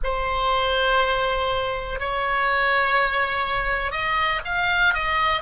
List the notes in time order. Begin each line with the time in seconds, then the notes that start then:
0.03 C5
1.99 C#5
3.91 D#5
4.44 F5
4.94 D#5